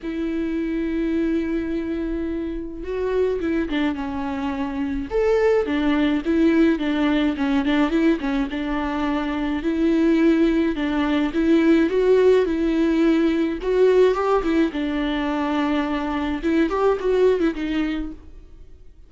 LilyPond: \new Staff \with { instrumentName = "viola" } { \time 4/4 \tempo 4 = 106 e'1~ | e'4 fis'4 e'8 d'8 cis'4~ | cis'4 a'4 d'4 e'4 | d'4 cis'8 d'8 e'8 cis'8 d'4~ |
d'4 e'2 d'4 | e'4 fis'4 e'2 | fis'4 g'8 e'8 d'2~ | d'4 e'8 g'8 fis'8. e'16 dis'4 | }